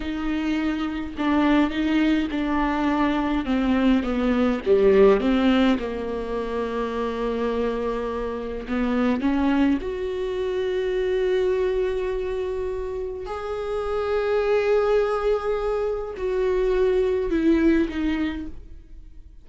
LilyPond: \new Staff \with { instrumentName = "viola" } { \time 4/4 \tempo 4 = 104 dis'2 d'4 dis'4 | d'2 c'4 b4 | g4 c'4 ais2~ | ais2. b4 |
cis'4 fis'2.~ | fis'2. gis'4~ | gis'1 | fis'2 e'4 dis'4 | }